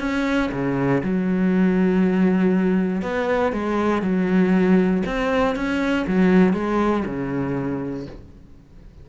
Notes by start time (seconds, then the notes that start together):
0.00 C#4
0.52 C#3
1.04 F#3
3.02 B3
3.53 G#3
4.02 F#3
5.06 C4
5.56 C#4
6.08 F#3
6.54 G#3
7.06 C#3